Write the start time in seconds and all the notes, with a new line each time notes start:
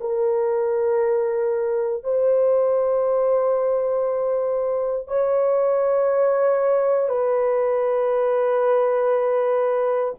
0.00 A#4
2.03 C5
5.07 C#5
7.09 B4